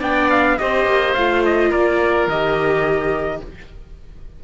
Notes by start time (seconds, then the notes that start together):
0.00 B3 D4 D5 G5
0.31 F5
0.59 C4 G4 C5 D#5
0.86 A#3
1.15 A3 F4 F5
1.46 D#5
1.71 A#3 A#4 D5
2.28 D#3 G4 D#5